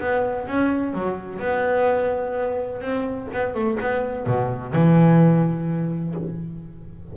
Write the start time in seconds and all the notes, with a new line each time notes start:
0.00 B3
0.47 C#4
0.94 F#3
1.39 B3
2.81 C4
3.33 B3
3.54 A3
3.80 B3
4.26 B2
4.73 E3